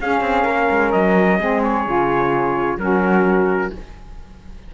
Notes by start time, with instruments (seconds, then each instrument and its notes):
0.00 saxophone C#4, cello C#4, flute G#4, trumpet F5
0.21 cello C4
0.45 cello A#3, flute A#4
0.71 cello G#3
0.92 cello F#3, trumpet D#5
1.39 cello G#3, saxophone C4, flute G#4
1.64 trumpet C#5
1.87 cello C#3, saxophone F4
2.78 cello F#3, saxophone C#4, flute F#4, trumpet A#4